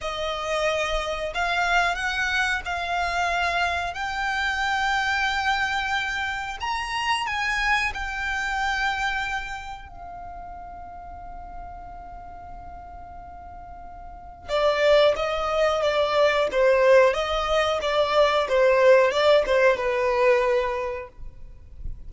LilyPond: \new Staff \with { instrumentName = "violin" } { \time 4/4 \tempo 4 = 91 dis''2 f''4 fis''4 | f''2 g''2~ | g''2 ais''4 gis''4 | g''2. f''4~ |
f''1~ | f''2 d''4 dis''4 | d''4 c''4 dis''4 d''4 | c''4 d''8 c''8 b'2 | }